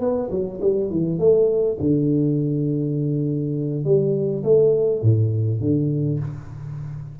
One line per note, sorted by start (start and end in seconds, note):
0.00 0.29 B3
0.30 0.60 F#3
0.61 0.90 G3
0.90 1.19 E3
1.19 1.78 A3
1.80 3.84 D3
3.84 4.43 G3
4.44 5.02 A3
5.02 5.60 A2
5.60 6.19 D3